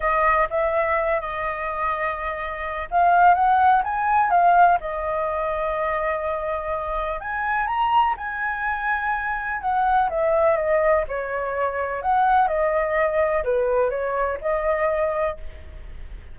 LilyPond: \new Staff \with { instrumentName = "flute" } { \time 4/4 \tempo 4 = 125 dis''4 e''4. dis''4.~ | dis''2 f''4 fis''4 | gis''4 f''4 dis''2~ | dis''2. gis''4 |
ais''4 gis''2. | fis''4 e''4 dis''4 cis''4~ | cis''4 fis''4 dis''2 | b'4 cis''4 dis''2 | }